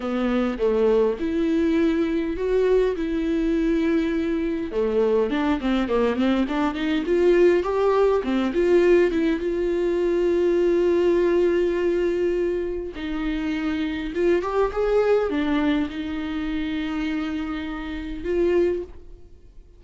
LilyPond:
\new Staff \with { instrumentName = "viola" } { \time 4/4 \tempo 4 = 102 b4 a4 e'2 | fis'4 e'2. | a4 d'8 c'8 ais8 c'8 d'8 dis'8 | f'4 g'4 c'8 f'4 e'8 |
f'1~ | f'2 dis'2 | f'8 g'8 gis'4 d'4 dis'4~ | dis'2. f'4 | }